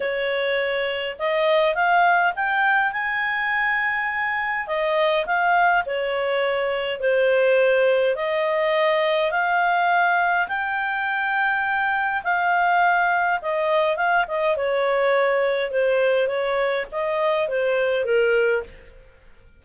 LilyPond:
\new Staff \with { instrumentName = "clarinet" } { \time 4/4 \tempo 4 = 103 cis''2 dis''4 f''4 | g''4 gis''2. | dis''4 f''4 cis''2 | c''2 dis''2 |
f''2 g''2~ | g''4 f''2 dis''4 | f''8 dis''8 cis''2 c''4 | cis''4 dis''4 c''4 ais'4 | }